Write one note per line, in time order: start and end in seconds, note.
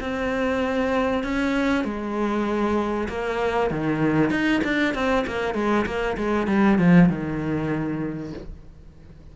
0.00 1.23 C4
1.23 1.84 C#4
1.84 3.08 G#3
3.08 3.70 A#3
3.70 4.30 D#3
4.30 4.61 D#4
4.63 4.94 D4
4.94 5.25 C4
5.26 5.54 A#3
5.54 5.85 G#3
5.86 6.17 A#3
6.17 6.47 G#3
6.47 6.78 G3
6.78 7.09 F3
7.09 8.33 D#3